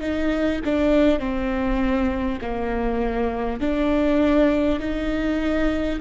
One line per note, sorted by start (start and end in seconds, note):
0.00 0.60 D#4
0.64 1.19 D4
1.19 2.39 C4
2.41 3.60 A#3
3.60 4.79 D4
4.79 5.99 D#4